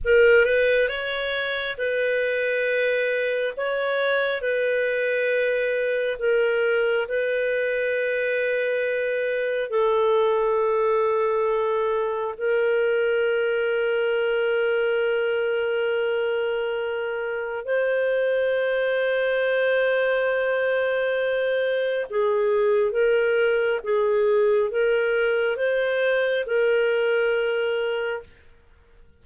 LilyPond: \new Staff \with { instrumentName = "clarinet" } { \time 4/4 \tempo 4 = 68 ais'8 b'8 cis''4 b'2 | cis''4 b'2 ais'4 | b'2. a'4~ | a'2 ais'2~ |
ais'1 | c''1~ | c''4 gis'4 ais'4 gis'4 | ais'4 c''4 ais'2 | }